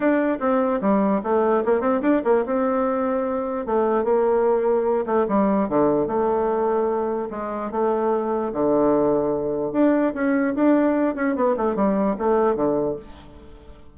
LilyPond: \new Staff \with { instrumentName = "bassoon" } { \time 4/4 \tempo 4 = 148 d'4 c'4 g4 a4 | ais8 c'8 d'8 ais8 c'2~ | c'4 a4 ais2~ | ais8 a8 g4 d4 a4~ |
a2 gis4 a4~ | a4 d2. | d'4 cis'4 d'4. cis'8 | b8 a8 g4 a4 d4 | }